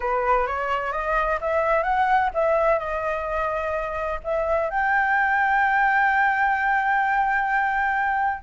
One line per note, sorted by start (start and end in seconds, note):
0.00 0.46 B4
0.46 0.92 C#5
0.92 1.39 D#5
1.40 1.83 E5
1.83 2.30 F#5
2.34 2.78 E5
2.78 4.19 D#5
4.23 4.70 E5
4.70 8.43 G5